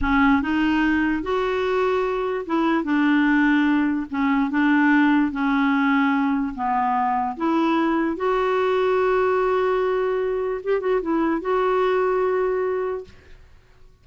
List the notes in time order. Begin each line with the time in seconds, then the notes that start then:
0.01 C#4
0.42 D#4
1.22 F#4
2.45 E4
2.84 D4
4.10 C#4
4.50 D4
5.31 C#4
6.55 B3
7.37 E4
8.16 F#4
10.63 G4
10.80 F#4
11.01 E4
11.41 F#4